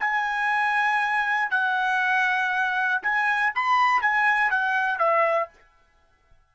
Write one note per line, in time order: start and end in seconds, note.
0.00 1.50 G#5
1.50 3.02 F#5
3.02 3.52 G#5
3.55 4.02 B5
4.02 4.50 G#5
4.50 4.99 F#5
4.99 5.49 E5